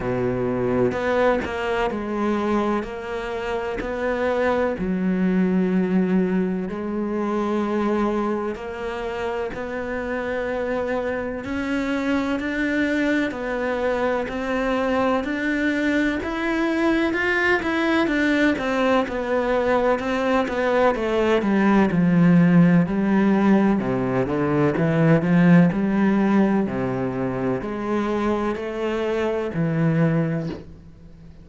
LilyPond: \new Staff \with { instrumentName = "cello" } { \time 4/4 \tempo 4 = 63 b,4 b8 ais8 gis4 ais4 | b4 fis2 gis4~ | gis4 ais4 b2 | cis'4 d'4 b4 c'4 |
d'4 e'4 f'8 e'8 d'8 c'8 | b4 c'8 b8 a8 g8 f4 | g4 c8 d8 e8 f8 g4 | c4 gis4 a4 e4 | }